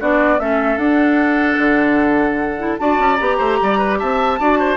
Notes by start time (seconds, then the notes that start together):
0.00 B3 D4 F#4 D5
0.39 A3 C#4 A4 E5
0.77 D4 F#5
1.58 D3
2.59 E4
2.78 D4 F#4 D5 A5
2.99 C#4
3.16 B3 G4 A#5
3.38 A3 C5
3.62 G3 D5
3.78 B4
3.99 C4 E5 A5
4.40 D4 F#4 D5
4.60 C5